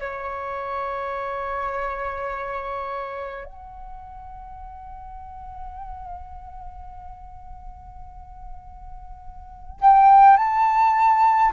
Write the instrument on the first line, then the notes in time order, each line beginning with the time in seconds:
flute
0.00 C#5
3.46 F#5
9.81 G5
10.37 A5